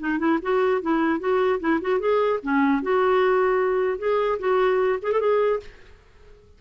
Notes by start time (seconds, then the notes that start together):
0.00 D#4
0.19 E4
0.42 F#4
0.82 E4
1.20 F#4
1.60 E4
1.82 F#4
2.00 G#4
2.43 C#4
2.83 F#4
3.99 G#4
4.40 F#4
5.03 G#4
5.13 A4
5.21 G#4